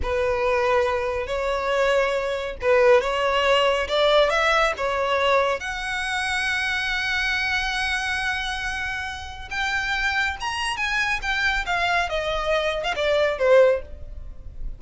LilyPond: \new Staff \with { instrumentName = "violin" } { \time 4/4 \tempo 4 = 139 b'2. cis''4~ | cis''2 b'4 cis''4~ | cis''4 d''4 e''4 cis''4~ | cis''4 fis''2.~ |
fis''1~ | fis''2 g''2 | ais''4 gis''4 g''4 f''4 | dis''4.~ dis''16 f''16 d''4 c''4 | }